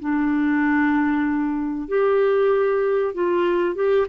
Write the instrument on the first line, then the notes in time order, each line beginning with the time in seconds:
clarinet
0.00 D4
1.88 G4
3.14 F4
3.76 G4